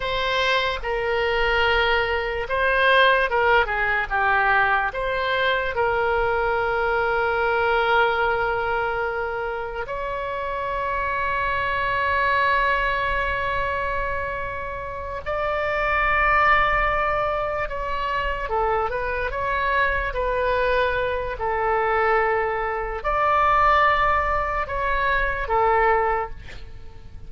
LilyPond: \new Staff \with { instrumentName = "oboe" } { \time 4/4 \tempo 4 = 73 c''4 ais'2 c''4 | ais'8 gis'8 g'4 c''4 ais'4~ | ais'1 | cis''1~ |
cis''2~ cis''8 d''4.~ | d''4. cis''4 a'8 b'8 cis''8~ | cis''8 b'4. a'2 | d''2 cis''4 a'4 | }